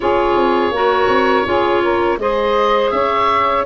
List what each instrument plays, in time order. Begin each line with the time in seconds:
0.00 tuba C#4, clarinet F4, saxophone G#4, oboe C#5
0.35 tuba C4
0.71 tuba A#3, clarinet F#4, saxophone A#4
1.07 tuba C4
1.45 tuba C#4, clarinet F4, saxophone G#4
1.82 saxophone A#4
2.17 tuba G#3, clarinet G#4, saxophone C5, oboe D#5
2.90 tuba C#4, saxophone C#5, oboe E5